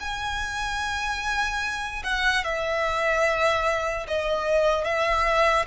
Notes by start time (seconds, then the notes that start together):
0.00 G#5
2.04 F#5
2.44 E5
4.08 D#5
4.84 E5